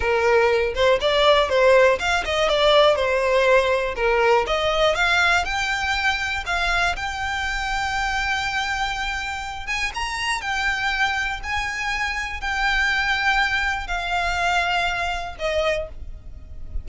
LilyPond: \new Staff \with { instrumentName = "violin" } { \time 4/4 \tempo 4 = 121 ais'4. c''8 d''4 c''4 | f''8 dis''8 d''4 c''2 | ais'4 dis''4 f''4 g''4~ | g''4 f''4 g''2~ |
g''2.~ g''8 gis''8 | ais''4 g''2 gis''4~ | gis''4 g''2. | f''2. dis''4 | }